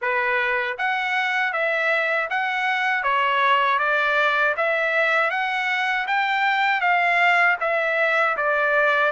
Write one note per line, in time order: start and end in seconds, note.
0.01 0.77 B4
0.78 1.52 F#5
1.52 2.28 E5
2.30 3.03 F#5
3.03 3.78 C#5
3.78 4.54 D5
4.56 5.30 E5
5.30 6.06 F#5
6.07 6.80 G5
6.80 7.56 F5
7.60 8.36 E5
8.36 9.11 D5